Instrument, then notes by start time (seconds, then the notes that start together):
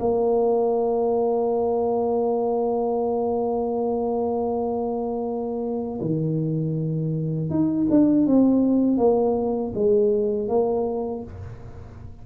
tuba
0.00 A#3
6.01 D#3
7.50 D#4
7.90 D4
8.26 C4
8.97 A#3
9.74 G#3
10.48 A#3